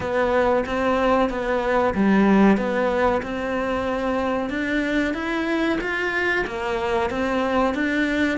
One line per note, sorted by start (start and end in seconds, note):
0.00 0.65 B3
0.66 1.29 C4
1.29 1.94 B3
1.94 2.57 G3
2.57 3.21 B3
3.22 4.49 C4
4.49 5.14 D4
5.14 5.78 E4
5.80 6.45 F4
6.46 7.10 A#3
7.10 7.74 C4
7.74 8.38 D4